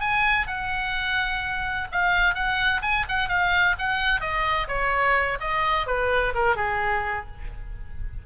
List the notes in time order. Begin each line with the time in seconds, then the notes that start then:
0.00 G#5
0.47 F#5
1.91 F5
2.34 F#5
2.81 G#5
3.08 F#5
3.28 F5
3.78 F#5
4.20 D#5
4.67 C#5
5.40 D#5
5.86 B4
6.34 A#4
6.55 G#4